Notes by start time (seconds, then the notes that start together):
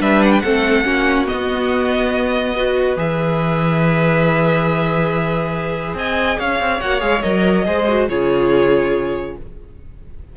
0.00 G3 D4 B4 E5
0.23 F#5
0.33 G5
0.41 A3 C4 A4 F#5
0.85 A#3 C#4 F#4
1.26 B3 D#5
1.33 B3
2.55 F#4 B4
2.97 E3 G#4 E5
5.94 C4 D#5 G#5
6.39 C#4 C#5 F5
6.60 C4
6.81 A#3 F#4 F#5
7.00 G#3 G#4 F5
7.22 F#3 A#4 D#5
7.65 G#3 G#4 C5
7.88 F#4
8.09 C#3 F4 G#4 C#5